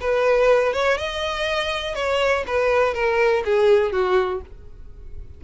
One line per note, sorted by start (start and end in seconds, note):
0.00 0.73 B4
0.73 0.97 C#5
0.97 1.94 D#5
1.94 2.43 C#5
2.46 2.94 B4
2.94 3.43 A#4
3.44 3.92 G#4
3.92 4.41 F#4